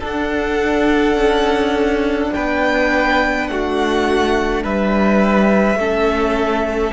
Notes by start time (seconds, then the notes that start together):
0.00 D4 A4
0.06 F#5
1.15 C#4
2.34 B3 B4 G5
3.48 A3 F#4 F#5
4.64 G3 B4 E5
5.76 A3 C#4 A4